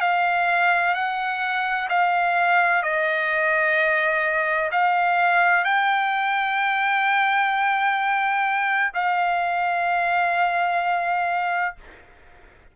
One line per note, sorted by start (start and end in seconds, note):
0.00 0.94 F5
0.94 1.88 F#5
1.89 2.83 F5
2.83 4.70 D#5
4.71 5.64 F5
5.64 8.92 G5
8.94 11.75 F5